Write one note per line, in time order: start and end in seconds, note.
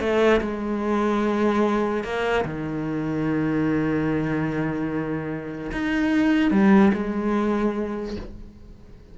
0.00 0.41 A3
0.41 2.04 G#3
2.04 2.45 A#3
2.45 5.72 D#3
5.72 6.51 D#4
6.51 6.92 G3
6.94 8.16 G#3